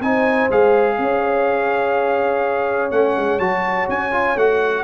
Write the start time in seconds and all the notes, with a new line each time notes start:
0.00 C4 D#4 C5 G#5
0.51 G#3 G#4 F5
0.99 C#4 C#5
2.92 A3 C#4 F#5
3.17 G#3
3.40 F#3 F#4 A5
3.89 C#4 G#5
4.12 F4
4.36 A3 F#4 F#5